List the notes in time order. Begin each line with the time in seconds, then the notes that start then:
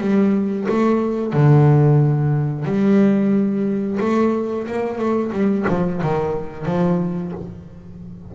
0.00 G3
0.68 A3
1.33 D3
2.65 G3
4.00 A3
4.67 A#3
4.98 A3
5.32 G3
5.68 F3
6.02 D#3
6.65 F3